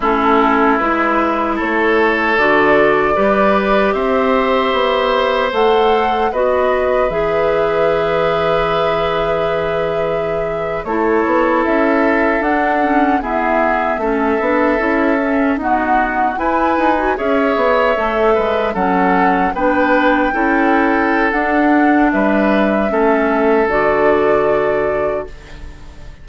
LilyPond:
<<
  \new Staff \with { instrumentName = "flute" } { \time 4/4 \tempo 4 = 76 a'4 b'4 cis''4 d''4~ | d''4 e''2 fis''4 | dis''4 e''2.~ | e''4.~ e''16 cis''4 e''4 fis''16~ |
fis''8. e''2. fis''16~ | fis''8. gis''4 e''2 fis''16~ | fis''8. g''2~ g''16 fis''4 | e''2 d''2 | }
  \new Staff \with { instrumentName = "oboe" } { \time 4/4 e'2 a'2 | b'4 c''2. | b'1~ | b'4.~ b'16 a'2~ a'16~ |
a'8. gis'4 a'2 fis'16~ | fis'8. b'4 cis''4. b'8 a'16~ | a'8. b'4 a'2~ a'16 | b'4 a'2. | }
  \new Staff \with { instrumentName = "clarinet" } { \time 4/4 cis'4 e'2 fis'4 | g'2. a'4 | fis'4 gis'2.~ | gis'4.~ gis'16 e'2 d'16~ |
d'16 cis'8 b4 cis'8 d'8 e'8 cis'8 b16~ | b8. e'8. fis'16 gis'4 a'4 cis'16~ | cis'8. d'4 e'4~ e'16 d'4~ | d'4 cis'4 fis'2 | }
  \new Staff \with { instrumentName = "bassoon" } { \time 4/4 a4 gis4 a4 d4 | g4 c'4 b4 a4 | b4 e2.~ | e4.~ e16 a8 b8 cis'4 d'16~ |
d'8. e'4 a8 b8 cis'4 dis'16~ | dis'8. e'8 dis'8 cis'8 b8 a8 gis8 fis16~ | fis8. b4 cis'4~ cis'16 d'4 | g4 a4 d2 | }
>>